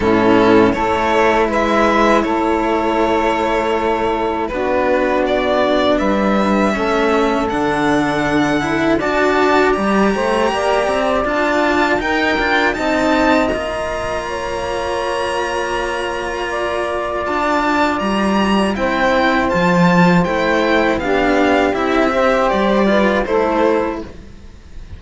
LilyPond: <<
  \new Staff \with { instrumentName = "violin" } { \time 4/4 \tempo 4 = 80 a'4 cis''4 e''4 cis''4~ | cis''2 b'4 d''4 | e''2 fis''2 | a''4 ais''2 a''4 |
g''4 a''4 ais''2~ | ais''2. a''4 | ais''4 g''4 a''4 g''4 | f''4 e''4 d''4 c''4 | }
  \new Staff \with { instrumentName = "saxophone" } { \time 4/4 e'4 a'4 b'4 a'4~ | a'2 fis'2 | b'4 a'2. | d''4. c''8 d''2 |
ais'4 dis''2 cis''4~ | cis''2 d''2~ | d''4 c''2. | g'4. c''4 b'8 a'4 | }
  \new Staff \with { instrumentName = "cello" } { \time 4/4 cis'4 e'2.~ | e'2 d'2~ | d'4 cis'4 d'4. e'8 | fis'4 g'2 f'4 |
dis'8 f'8 dis'4 f'2~ | f'1~ | f'4 e'4 f'4 e'4 | d'4 e'8 g'4 f'8 e'4 | }
  \new Staff \with { instrumentName = "cello" } { \time 4/4 a,4 a4 gis4 a4~ | a2 b2 | g4 a4 d2 | d'4 g8 a8 ais8 c'8 d'4 |
dis'8 d'8 c'4 ais2~ | ais2. d'4 | g4 c'4 f4 a4 | b4 c'4 g4 a4 | }
>>